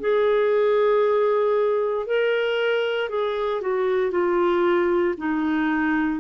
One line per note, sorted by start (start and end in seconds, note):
0.00 2.06 G#4
2.06 3.09 A#4
3.09 3.61 G#4
3.62 4.11 F#4
4.11 5.15 F4
5.18 6.20 D#4